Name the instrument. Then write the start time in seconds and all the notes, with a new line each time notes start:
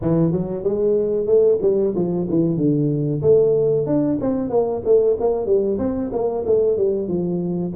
tuba
0.01 E3
0.32 F#3
0.63 G#3
1.26 A3
1.61 G3
1.95 F3
2.29 E3
2.57 D3
3.22 A3
3.86 D4
4.21 C4
4.49 A#3
4.84 A3
5.20 A#3
5.45 G3
5.78 C4
6.12 A#3
6.45 A3
6.77 G3
7.08 F3